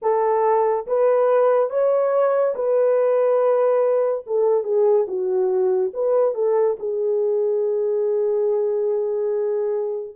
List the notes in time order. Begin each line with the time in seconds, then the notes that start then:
0.02 A4
0.86 B4
1.69 C#5
2.55 B4
4.26 A4
4.63 G#4
5.07 F#4
5.93 B4
6.34 A4
6.79 G#4